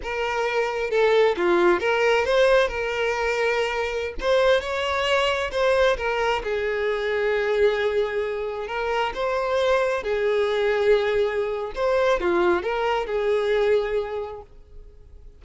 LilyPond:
\new Staff \with { instrumentName = "violin" } { \time 4/4 \tempo 4 = 133 ais'2 a'4 f'4 | ais'4 c''4 ais'2~ | ais'4~ ais'16 c''4 cis''4.~ cis''16~ | cis''16 c''4 ais'4 gis'4.~ gis'16~ |
gis'2.~ gis'16 ais'8.~ | ais'16 c''2 gis'4.~ gis'16~ | gis'2 c''4 f'4 | ais'4 gis'2. | }